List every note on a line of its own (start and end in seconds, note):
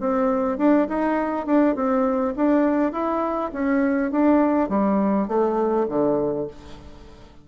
0.00 0.57 C4
0.57 0.87 D4
0.88 1.46 D#4
1.46 1.75 D4
1.75 2.34 C4
2.36 2.92 D4
2.92 3.51 E4
3.52 4.11 C#4
4.11 4.69 D4
4.69 5.27 G3
5.27 5.86 A3
5.88 6.47 D3